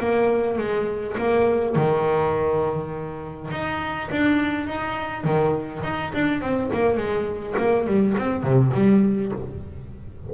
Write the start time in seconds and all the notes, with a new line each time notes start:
0.00 A#3
0.58 G#3
1.18 A#3
1.76 D#3
3.52 D#4
4.11 D4
4.67 D#4
5.24 D#3
5.84 D#4
6.14 D4
6.42 C4
6.74 A#3
6.97 G#3
7.58 A#3
7.87 G3
8.18 C4
8.44 C3
8.74 G3